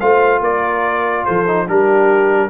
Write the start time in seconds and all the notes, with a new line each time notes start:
0.00 A3 F4 C5 F5
0.41 A#3 A#4 D5
1.25 F3 A4 C5
1.47 D#4
1.66 G3 D4 G4 A#4